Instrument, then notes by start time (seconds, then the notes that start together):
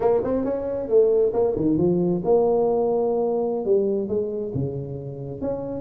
tuba
0.00 A#3
0.23 C4
0.44 C#4
0.88 A3
1.33 A#3
1.56 D#3
1.77 F3
2.24 A#3
3.65 G3
4.08 G#3
4.54 C#3
5.41 C#4